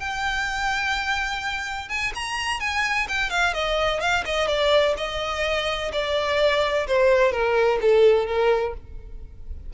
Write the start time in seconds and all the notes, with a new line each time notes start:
0.00 G5
1.89 G#5
2.15 A#5
2.60 G#5
3.09 G5
3.30 F5
3.54 D#5
4.01 F5
4.25 D#5
4.48 D5
4.97 D#5
5.93 D5
6.88 C5
7.32 A#4
7.82 A4
8.27 A#4